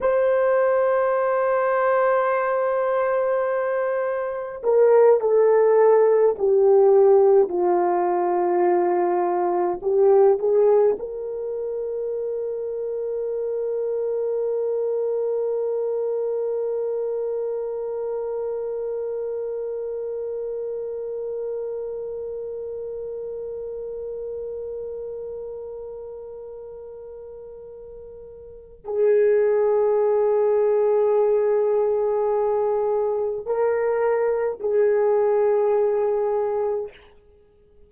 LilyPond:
\new Staff \with { instrumentName = "horn" } { \time 4/4 \tempo 4 = 52 c''1 | ais'8 a'4 g'4 f'4.~ | f'8 g'8 gis'8 ais'2~ ais'8~ | ais'1~ |
ais'1~ | ais'1~ | ais'4 gis'2.~ | gis'4 ais'4 gis'2 | }